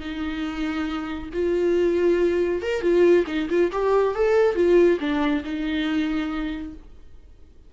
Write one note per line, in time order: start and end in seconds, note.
0.00 1.29 D#4
1.33 2.62 F4
2.62 2.82 A#4
2.82 3.25 F4
3.27 3.48 D#4
3.50 3.71 F4
3.72 4.15 G4
4.15 4.55 A4
4.55 4.99 F4
5.00 5.43 D4
5.44 6.73 D#4